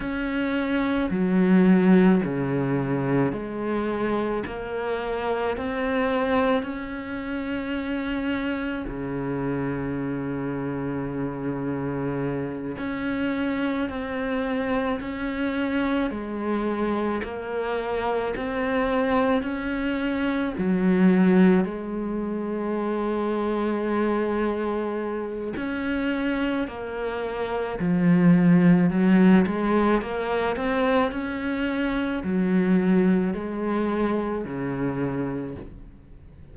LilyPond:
\new Staff \with { instrumentName = "cello" } { \time 4/4 \tempo 4 = 54 cis'4 fis4 cis4 gis4 | ais4 c'4 cis'2 | cis2.~ cis8 cis'8~ | cis'8 c'4 cis'4 gis4 ais8~ |
ais8 c'4 cis'4 fis4 gis8~ | gis2. cis'4 | ais4 f4 fis8 gis8 ais8 c'8 | cis'4 fis4 gis4 cis4 | }